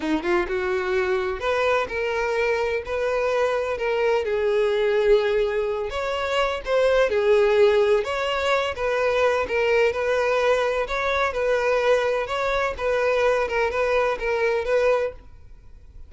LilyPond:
\new Staff \with { instrumentName = "violin" } { \time 4/4 \tempo 4 = 127 dis'8 f'8 fis'2 b'4 | ais'2 b'2 | ais'4 gis'2.~ | gis'8 cis''4. c''4 gis'4~ |
gis'4 cis''4. b'4. | ais'4 b'2 cis''4 | b'2 cis''4 b'4~ | b'8 ais'8 b'4 ais'4 b'4 | }